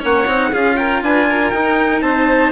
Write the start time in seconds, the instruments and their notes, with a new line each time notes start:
0.00 bassoon A#3, cello C#4, violin C#5, trumpet F#5
0.27 bassoon C4, cello D#4
0.51 bassoon C#4, cello F4, violin G#4, trumpet F5
0.76 violin A#4, trumpet G5
1.02 bassoon D4, violin B4, trumpet G#5
1.29 violin A#4
1.50 bassoon D#4, cello D#4, trumpet G5
2.02 bassoon C4, violin C5, trumpet A5